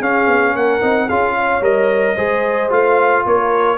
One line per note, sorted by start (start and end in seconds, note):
0.00 0.26 C#4
0.00 0.81 C#4
0.00 0.54 G#4
0.00 0.56 F5
0.26 0.53 B3
0.53 0.80 A#3
0.53 1.06 A#4
0.53 1.09 F#5
0.81 1.09 C4
0.81 1.08 D#4
1.06 1.61 C#4
1.06 1.62 F4
1.06 1.33 G#4
1.06 1.63 F5
1.37 2.16 C#5
1.61 2.15 G3
1.61 2.16 A#4
1.61 2.72 D#5
2.16 2.71 G#3
2.16 2.70 G#4
2.16 3.24 C5
2.70 3.25 A3
2.70 3.78 F4
2.70 3.26 F5
3.26 3.78 A#3
3.26 3.78 A#4
3.26 3.78 C#5